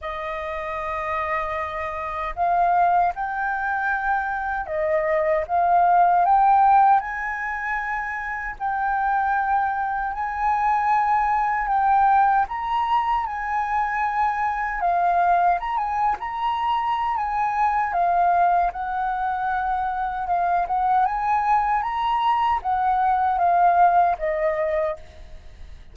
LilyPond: \new Staff \with { instrumentName = "flute" } { \time 4/4 \tempo 4 = 77 dis''2. f''4 | g''2 dis''4 f''4 | g''4 gis''2 g''4~ | g''4 gis''2 g''4 |
ais''4 gis''2 f''4 | ais''16 gis''8 ais''4~ ais''16 gis''4 f''4 | fis''2 f''8 fis''8 gis''4 | ais''4 fis''4 f''4 dis''4 | }